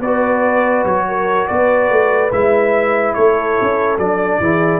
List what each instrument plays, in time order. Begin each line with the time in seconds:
0.00 tuba B3, trombone F#4, horn B4, trumpet D5
0.85 tuba F#3, trumpet C#5
1.08 horn A#4
1.48 tuba B3, horn B4, trumpet D5
1.90 tuba A3
2.31 tuba G#3, trombone E4, trumpet E5
3.14 tuba A3, horn A4, trumpet C#5
3.61 tuba C#4
3.98 tuba F#3, trombone D4, trumpet D5
4.40 tuba E3, trombone E4, horn G#4